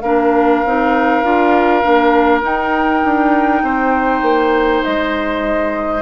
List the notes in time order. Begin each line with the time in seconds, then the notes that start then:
0.00 A#3 D4 A#4 F5
0.65 C4 D#4
1.23 D4 F4
1.83 A#3 D4
2.42 D#4 G5
3.04 D4
3.62 C4 C5
4.22 A#3
4.84 G#3 D#5